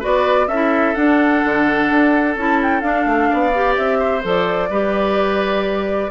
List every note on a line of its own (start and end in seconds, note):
0.00 0.48 B3
0.00 0.48 F#4
0.00 0.47 B4
0.00 0.49 D5
0.48 0.95 C#4
0.48 0.96 E4
0.48 3.30 A4
0.48 0.95 E5
0.95 2.37 D4
0.95 1.44 D4
0.95 2.36 F#5
1.45 1.91 D3
1.91 2.37 D4
2.37 2.83 C#4
2.37 2.83 E4
2.37 2.61 A5
2.63 2.81 G5
2.81 3.06 D4
2.81 3.53 D4
2.81 3.75 F5
3.06 3.30 A3
3.30 3.78 B3
3.30 3.99 D5
3.54 4.23 G4
3.77 4.25 C4
3.77 4.23 E5
3.99 4.70 C5
4.23 4.70 F3
4.23 4.70 A4
4.23 6.11 D5
4.70 6.11 G3
4.70 6.11 G4
4.70 6.11 B4